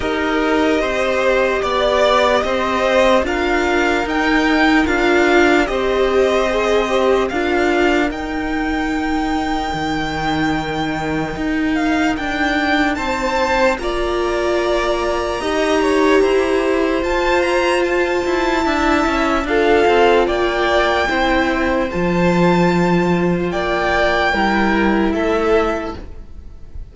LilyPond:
<<
  \new Staff \with { instrumentName = "violin" } { \time 4/4 \tempo 4 = 74 dis''2 d''4 dis''4 | f''4 g''4 f''4 dis''4~ | dis''4 f''4 g''2~ | g''2~ g''8 f''8 g''4 |
a''4 ais''2.~ | ais''4 a''8 ais''8 a''2 | f''4 g''2 a''4~ | a''4 g''2 e''4 | }
  \new Staff \with { instrumentName = "violin" } { \time 4/4 ais'4 c''4 d''4 c''4 | ais'2. c''4~ | c''4 ais'2.~ | ais'1 |
c''4 d''2 dis''8 cis''8 | c''2. e''4 | a'4 d''4 c''2~ | c''4 d''4 ais'4 a'4 | }
  \new Staff \with { instrumentName = "viola" } { \time 4/4 g'1 | f'4 dis'4 f'4 g'4 | gis'8 g'8 f'4 dis'2~ | dis'1~ |
dis'4 f'2 g'4~ | g'4 f'2 e'4 | f'2 e'4 f'4~ | f'2 e'2 | }
  \new Staff \with { instrumentName = "cello" } { \time 4/4 dis'4 c'4 b4 c'4 | d'4 dis'4 d'4 c'4~ | c'4 d'4 dis'2 | dis2 dis'4 d'4 |
c'4 ais2 dis'4 | e'4 f'4. e'8 d'8 cis'8 | d'8 c'8 ais4 c'4 f4~ | f4 ais4 g4 a4 | }
>>